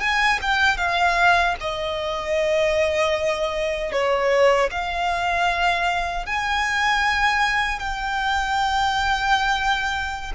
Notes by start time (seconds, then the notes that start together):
0.00 G#5
0.41 G5
0.77 F5
1.60 D#5
3.92 C#5
4.71 F5
6.26 G#5
7.79 G5